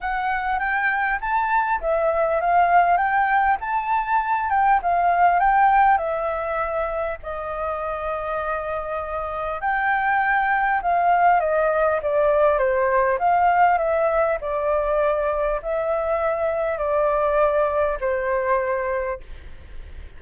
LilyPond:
\new Staff \with { instrumentName = "flute" } { \time 4/4 \tempo 4 = 100 fis''4 g''4 a''4 e''4 | f''4 g''4 a''4. g''8 | f''4 g''4 e''2 | dis''1 |
g''2 f''4 dis''4 | d''4 c''4 f''4 e''4 | d''2 e''2 | d''2 c''2 | }